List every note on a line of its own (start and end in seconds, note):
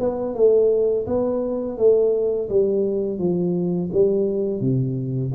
0.00 0.35 B3
0.35 1.06 A3
1.07 1.78 B3
1.78 2.49 A3
2.49 3.19 G3
3.19 3.91 F3
3.93 4.61 G3
4.61 5.32 C3